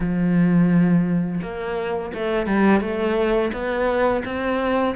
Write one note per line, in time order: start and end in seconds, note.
0.00 1.40 F3
1.42 2.12 A#3
2.14 2.46 A3
2.46 2.80 G3
2.80 3.51 A3
3.52 4.23 B3
4.24 4.95 C4